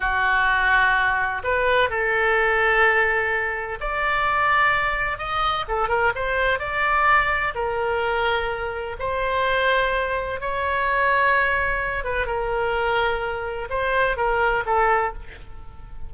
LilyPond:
\new Staff \with { instrumentName = "oboe" } { \time 4/4 \tempo 4 = 127 fis'2. b'4 | a'1 | d''2. dis''4 | a'8 ais'8 c''4 d''2 |
ais'2. c''4~ | c''2 cis''2~ | cis''4. b'8 ais'2~ | ais'4 c''4 ais'4 a'4 | }